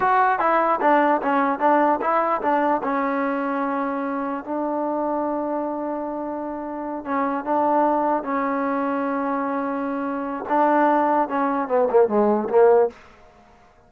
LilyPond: \new Staff \with { instrumentName = "trombone" } { \time 4/4 \tempo 4 = 149 fis'4 e'4 d'4 cis'4 | d'4 e'4 d'4 cis'4~ | cis'2. d'4~ | d'1~ |
d'4. cis'4 d'4.~ | d'8 cis'2.~ cis'8~ | cis'2 d'2 | cis'4 b8 ais8 gis4 ais4 | }